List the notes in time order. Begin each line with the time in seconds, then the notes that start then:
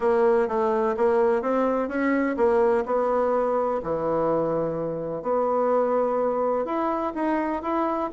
0.00 A#3
0.48 A3
0.97 A#3
1.42 C4
1.88 C#4
2.36 A#3
2.85 B3
3.83 E3
5.22 B3
6.65 E4
7.14 D#4
7.62 E4